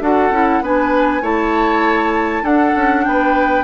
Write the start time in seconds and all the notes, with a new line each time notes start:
0.00 D4 F#4 A4 F#5
0.30 C#4 E4
0.61 B3 D4 B4 G#5
1.21 A3 E4 C#5 A5
2.42 D4 A4 F#5
2.75 C#4
3.04 B3 B4 G5